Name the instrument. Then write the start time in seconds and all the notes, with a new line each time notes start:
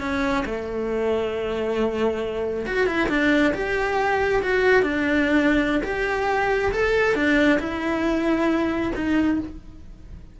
cello
0.00 C#4
0.45 A3
2.66 F#4
2.86 E4
3.09 D4
3.54 G4
4.42 F#4
4.82 D4
5.83 G4
6.72 A4
7.15 D4
7.59 E4
8.95 D#4